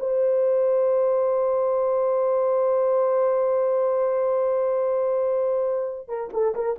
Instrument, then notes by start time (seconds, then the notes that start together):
horn
0.00 C5
6.09 A#4
6.34 A4
6.55 A#4